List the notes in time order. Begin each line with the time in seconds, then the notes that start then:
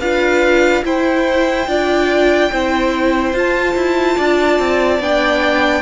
0.00 D4 F4 B4 F5
0.84 E4 C5 G5
1.68 D4 F4 D5
2.52 C4 E4 C5
3.33 F4 A5
3.75 E4
4.17 D4 D5
4.59 C4
4.99 B3 D4 G5